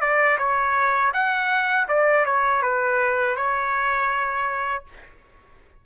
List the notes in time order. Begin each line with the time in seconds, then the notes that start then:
0.00 D5
0.38 C#5
1.13 F#5
1.88 D5
2.25 C#5
2.62 B4
3.36 C#5